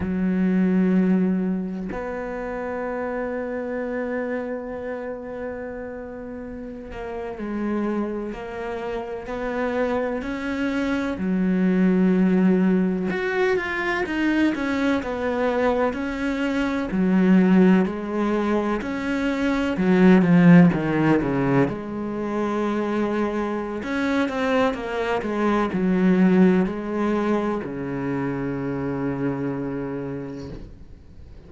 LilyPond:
\new Staff \with { instrumentName = "cello" } { \time 4/4 \tempo 4 = 63 fis2 b2~ | b2.~ b16 ais8 gis16~ | gis8. ais4 b4 cis'4 fis16~ | fis4.~ fis16 fis'8 f'8 dis'8 cis'8 b16~ |
b8. cis'4 fis4 gis4 cis'16~ | cis'8. fis8 f8 dis8 cis8 gis4~ gis16~ | gis4 cis'8 c'8 ais8 gis8 fis4 | gis4 cis2. | }